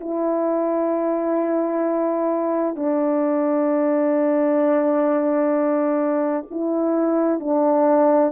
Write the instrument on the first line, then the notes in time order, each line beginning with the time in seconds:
horn
0.00 E4
2.76 D4
6.50 E4
7.40 D4